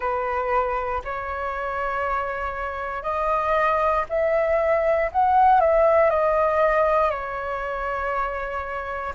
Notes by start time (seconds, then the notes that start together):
0.00 B4
1.04 C#5
3.02 D#5
4.09 E5
5.12 F#5
5.60 E5
6.10 D#5
7.10 C#5